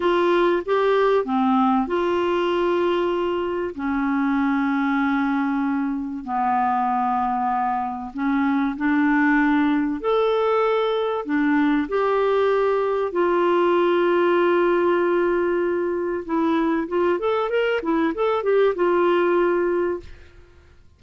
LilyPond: \new Staff \with { instrumentName = "clarinet" } { \time 4/4 \tempo 4 = 96 f'4 g'4 c'4 f'4~ | f'2 cis'2~ | cis'2 b2~ | b4 cis'4 d'2 |
a'2 d'4 g'4~ | g'4 f'2.~ | f'2 e'4 f'8 a'8 | ais'8 e'8 a'8 g'8 f'2 | }